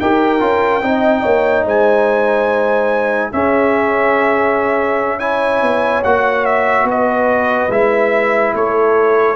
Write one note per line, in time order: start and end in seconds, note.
0.00 0.40 D#4
0.00 0.40 G4
0.00 0.83 A#4
0.00 1.67 G5
0.40 0.82 C#4
0.40 0.81 F4
0.82 1.23 C4
0.82 3.32 D#4
0.82 1.23 D#5
1.23 1.65 A#3
1.23 1.65 C#5
1.65 3.32 G#3
1.65 3.32 C5
1.65 3.33 G#5
3.32 5.20 C#4
3.32 5.62 C#4
3.32 5.18 G#4
3.32 5.19 E5
5.18 6.03 E4
5.18 6.85 C#5
5.18 6.02 G#5
5.62 6.04 B3
6.04 6.84 A#3
6.04 7.70 F#4
6.04 6.45 F#5
6.45 6.87 E5
6.84 7.67 B3
6.90 8.54 B4
6.90 7.71 D#5
7.69 8.53 G#3
7.69 9.36 E4
7.69 8.55 E5
8.54 9.36 A3
8.54 9.36 A4
8.54 9.36 C#5